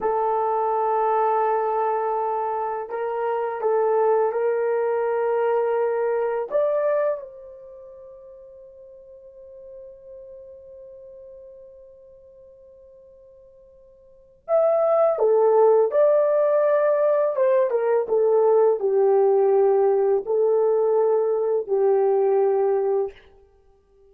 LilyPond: \new Staff \with { instrumentName = "horn" } { \time 4/4 \tempo 4 = 83 a'1 | ais'4 a'4 ais'2~ | ais'4 d''4 c''2~ | c''1~ |
c''1 | e''4 a'4 d''2 | c''8 ais'8 a'4 g'2 | a'2 g'2 | }